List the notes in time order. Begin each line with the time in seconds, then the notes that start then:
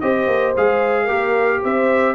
0.00 C4 G4 C5 D#5
0.27 A#3
0.56 G#3 G#4 F5
1.04 A#3 G4 A#4
1.62 C4 C5 E5